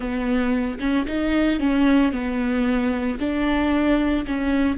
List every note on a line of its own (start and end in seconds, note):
0.00 0.78 B3
0.79 1.06 C#4
1.06 1.59 D#4
1.59 2.12 C#4
2.12 3.18 B3
3.19 4.25 D4
4.26 4.78 C#4